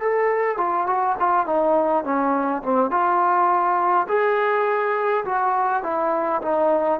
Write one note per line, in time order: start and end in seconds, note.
0.00 0.57 A4
0.57 0.86 F4
0.86 1.15 F#4
1.19 1.46 F4
1.46 2.04 D#4
2.04 2.62 C#4
2.63 2.90 C4
2.90 4.07 F4
4.08 5.25 G#4
5.25 5.83 F#4
5.83 6.41 E4
6.42 7.00 D#4